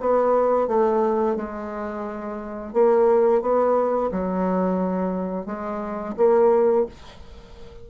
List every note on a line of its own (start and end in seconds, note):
0.00 0.68 B3
0.68 1.36 A3
1.36 2.74 G#3
2.74 3.42 A#3
3.42 4.11 B3
4.12 5.46 F#3
5.46 6.15 G#3
6.17 6.86 A#3